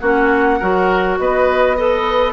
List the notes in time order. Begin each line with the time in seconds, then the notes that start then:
0.00 A#3 C#4 F#4 F#5
0.59 F#3 F#4 A#4
1.19 B3 B4 D#5
1.76 A4 B4 D#5